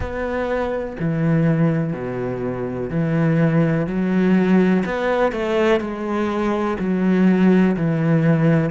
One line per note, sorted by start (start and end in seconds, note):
0.00 0.96 B3
0.99 1.93 E3
1.93 2.89 B2
2.89 3.86 E3
3.87 4.83 F#3
4.85 5.32 B3
5.32 5.80 A3
5.80 6.77 G#3
6.79 7.76 F#3
7.76 8.70 E3